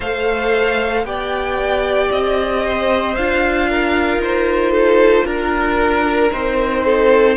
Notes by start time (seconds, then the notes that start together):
0.00 A3 A4 C5 F5
1.04 B3 G4 D5 G5
2.11 C4 D#5
2.64 C5
3.15 D4 F4 F5
3.69 A#4
4.16 D#4
4.23 C5
4.71 A4
5.25 D4 A#4
6.31 C4 D#4 C5
6.84 A4